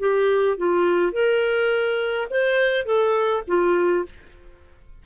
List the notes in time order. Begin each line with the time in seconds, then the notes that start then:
0.00 G4
0.58 F4
1.13 A#4
2.31 C5
2.86 A4
3.48 F4